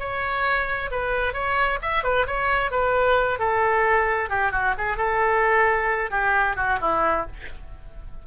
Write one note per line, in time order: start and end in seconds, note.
0.00 0.91 C#5
0.92 1.34 B4
1.34 1.79 C#5
1.82 2.04 E5
2.04 2.27 B4
2.27 2.71 C#5
2.71 3.40 B4
3.40 4.30 A4
4.30 4.52 G4
4.52 4.75 F#4
4.79 4.98 G#4
4.98 6.11 A4
6.11 6.57 G4
6.57 6.79 F#4
6.82 7.27 E4